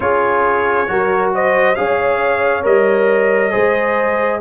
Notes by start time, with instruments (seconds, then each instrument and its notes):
0.00 tuba C#4, trombone F4, horn G#4, trumpet C#5
0.87 tuba F#3, trombone F#4, horn A#4
1.34 horn C5, trumpet D#5
1.75 tuba C#4, trombone G#4, horn C#5, trumpet F5
2.62 tuba G3, trombone A#4, trumpet D#5
3.51 tuba G#3, trombone G#4, horn C5